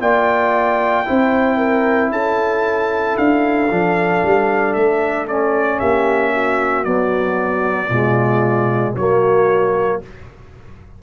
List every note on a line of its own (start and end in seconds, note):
0.00 1.05 A#3
0.00 1.05 F4
0.00 1.07 D5
0.00 2.12 G5
1.05 2.11 C4
1.05 3.68 E4
1.05 1.58 C5
1.58 2.10 A#4
2.11 3.16 C#4
2.11 5.79 A4
2.11 3.17 A5
3.17 3.70 D4
3.17 4.74 F5
3.70 4.23 F3
3.70 5.28 D4
4.25 4.75 G3
4.74 5.80 A3
4.74 5.26 E5
5.28 6.85 C#4
5.28 5.79 D5
5.79 6.85 A#3
5.79 6.32 G4
5.79 6.84 E5
6.34 7.89 F#4
6.84 7.90 F#3
6.84 7.89 B3
6.84 8.95 D5
7.89 8.95 B2
7.89 8.97 G#3
7.89 8.94 F4
8.95 10.02 F#3
8.95 10.03 A#3
8.95 10.00 F#4
8.95 10.02 C#5